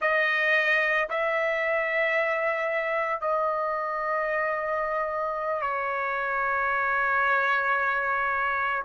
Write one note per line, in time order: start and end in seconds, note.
0.00 1.08 D#5
1.09 3.20 E5
3.20 5.62 D#5
5.62 8.83 C#5